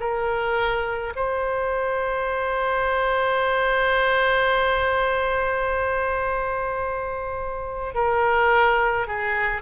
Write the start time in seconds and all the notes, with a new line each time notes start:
0.00 A#4
1.16 C5
7.94 A#4
9.07 G#4